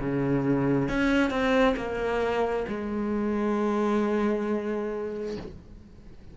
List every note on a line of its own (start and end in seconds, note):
0.00 0.89 C#3
0.89 1.30 C#4
1.30 1.75 C4
1.77 2.66 A#3
2.68 5.36 G#3